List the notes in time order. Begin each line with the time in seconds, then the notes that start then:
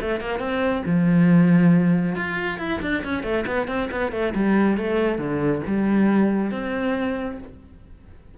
0.00 A3
0.20 A#3
0.39 C4
0.85 F3
2.15 F4
2.58 E4
2.81 D4
3.04 C#4
3.23 A3
3.46 B3
3.67 C4
3.91 B3
4.11 A3
4.34 G3
4.77 A3
5.18 D3
5.66 G3
6.51 C4